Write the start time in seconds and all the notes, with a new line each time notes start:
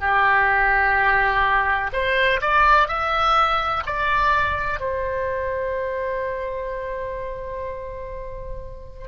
0.00 G4
1.93 C5
2.41 D5
2.88 E5
3.86 D5
4.80 C5